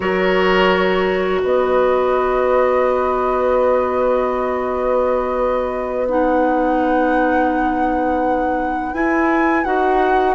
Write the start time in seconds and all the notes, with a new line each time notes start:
0.00 F#3 F#4 A#4 C#5
1.41 B3 B4 D#5
6.08 D#4 F#5
8.93 E4 G#5
9.64 D#4 F#4 F#5